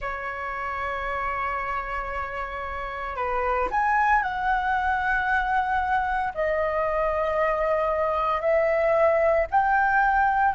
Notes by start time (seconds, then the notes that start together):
0.00 C#5
3.16 B4
3.71 G#5
4.22 F#5
6.34 D#5
8.41 E5
9.50 G5